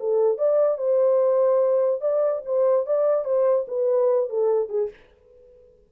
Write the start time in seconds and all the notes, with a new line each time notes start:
0.00 A4
0.38 D5
0.78 C5
2.01 D5
2.46 C5
2.86 D5
3.25 C5
3.68 B4
4.29 A4
4.69 G#4